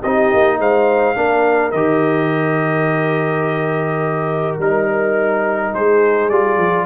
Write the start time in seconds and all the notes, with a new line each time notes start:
0.00 C4 D#4 G4 D#5
0.33 A#3
0.59 G#3 C5 F5
1.15 A#3 D4 A#4
1.71 D#3 G4 D#5
4.58 G3 D#4 A#4
5.72 G#3 G#4 C5
6.29 G3 F4 D5
6.57 F3